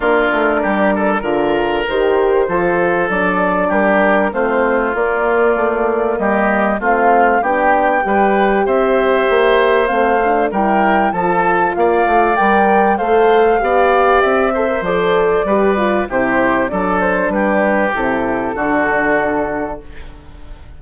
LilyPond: <<
  \new Staff \with { instrumentName = "flute" } { \time 4/4 \tempo 4 = 97 ais'2. c''4~ | c''4 d''4 ais'4 c''4 | d''2 dis''4 f''4 | g''2 e''2 |
f''4 g''4 a''4 f''4 | g''4 f''2 e''4 | d''2 c''4 d''8 c''8 | b'4 a'2. | }
  \new Staff \with { instrumentName = "oboe" } { \time 4/4 f'4 g'8 a'8 ais'2 | a'2 g'4 f'4~ | f'2 g'4 f'4 | g'4 b'4 c''2~ |
c''4 ais'4 a'4 d''4~ | d''4 c''4 d''4. c''8~ | c''4 b'4 g'4 a'4 | g'2 fis'2 | }
  \new Staff \with { instrumentName = "horn" } { \time 4/4 d'2 f'4 g'4 | f'4 d'2 c'4 | ais2. c'4 | d'4 g'2. |
c'8 d'8 e'4 f'2 | ais'4 a'4 g'4. a'16 ais'16 | a'4 g'8 f'8 e'4 d'4~ | d'4 e'4 d'2 | }
  \new Staff \with { instrumentName = "bassoon" } { \time 4/4 ais8 a8 g4 d4 dis4 | f4 fis4 g4 a4 | ais4 a4 g4 a4 | b4 g4 c'4 ais4 |
a4 g4 f4 ais8 a8 | g4 a4 b4 c'4 | f4 g4 c4 fis4 | g4 c4 d2 | }
>>